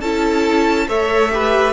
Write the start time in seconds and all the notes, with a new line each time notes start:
0.00 C#4 E4 A4 A5
0.88 A3 A4 C#5 E5
1.31 G4 B4